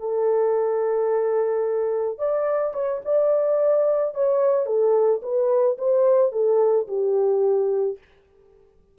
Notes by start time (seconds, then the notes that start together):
0.00 A4
2.19 D5
2.74 C#5
3.05 D5
4.15 C#5
4.66 A4
5.23 B4
5.78 C5
6.33 A4
6.88 G4